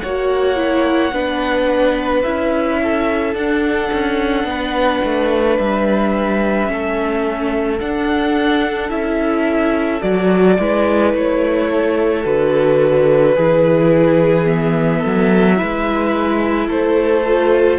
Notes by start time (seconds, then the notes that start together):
0.00 A#3 C#5 F#5
0.06 F#4
0.56 E4
1.13 B3 D4 B4
2.24 C#4 E4 E5
2.83 A4
3.35 D4 F#5
3.93 C#4
4.45 B3 B4
5.04 A3
5.59 G3 E5
6.67 A3 C#4
6.73 A4
7.79 D4 F#5
8.89 C#4 E4 E5
10.01 F#3 F#4 D5
10.60 G#3 E4 B4
11.14 A3 C#5
11.71 A4
12.25 D3 F#4 B4
13.36 E3 E4 G#4
14.45 B3 E5
15.00 A4
15.06 F#3
15.56 G#3 E4 B4
16.68 A3 A4 C5
17.26 F4